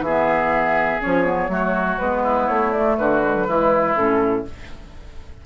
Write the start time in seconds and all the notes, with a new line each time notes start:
0.00 E3 G#4 E5
0.07 B3
1.01 F3 C#4 C#5
1.25 B3
1.49 F#3 A3 F#4
1.99 G#3 B3 B4
2.23 E4
2.48 A3 C#5
2.72 A3 D5
2.97 D3 F#4 B4
3.23 G#3
3.35 F#3
3.47 E3 G#3 E4
3.96 A2 C#4 A4